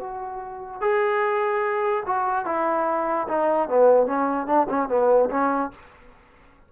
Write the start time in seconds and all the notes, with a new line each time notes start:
0.00 F#4
0.81 G#4
2.06 F#4
2.46 E4
3.28 D#4
3.69 B3
4.07 C#4
4.47 D4
4.70 C#4
4.89 B3
5.30 C#4